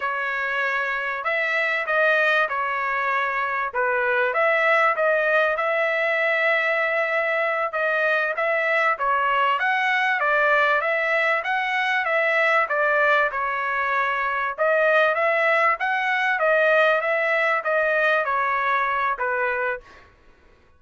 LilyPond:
\new Staff \with { instrumentName = "trumpet" } { \time 4/4 \tempo 4 = 97 cis''2 e''4 dis''4 | cis''2 b'4 e''4 | dis''4 e''2.~ | e''8 dis''4 e''4 cis''4 fis''8~ |
fis''8 d''4 e''4 fis''4 e''8~ | e''8 d''4 cis''2 dis''8~ | dis''8 e''4 fis''4 dis''4 e''8~ | e''8 dis''4 cis''4. b'4 | }